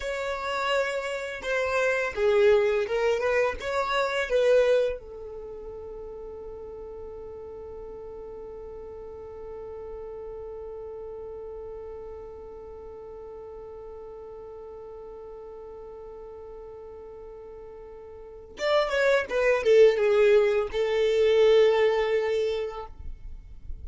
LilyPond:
\new Staff \with { instrumentName = "violin" } { \time 4/4 \tempo 4 = 84 cis''2 c''4 gis'4 | ais'8 b'8 cis''4 b'4 a'4~ | a'1~ | a'1~ |
a'1~ | a'1~ | a'2 d''8 cis''8 b'8 a'8 | gis'4 a'2. | }